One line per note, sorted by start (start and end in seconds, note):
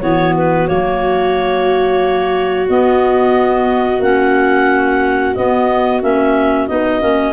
0.00 0.68 E3
0.00 0.68 B3
0.00 7.32 F#4
0.00 0.33 C#5
0.37 0.67 B4
0.67 2.69 F#3
0.67 2.68 A#3
0.67 2.67 C#5
2.68 4.02 B3
2.68 4.00 B3
2.68 4.02 D#5
4.00 5.33 A#3
4.00 5.35 C#4
4.00 5.34 F#5
5.34 6.02 B3
5.34 6.01 D#5
6.02 6.69 A#3
6.02 6.68 C#4
6.02 6.67 E5
6.67 7.02 B3
6.67 7.00 D#4
6.67 7.32 D#5
7.00 7.32 A#3
7.00 7.32 C#4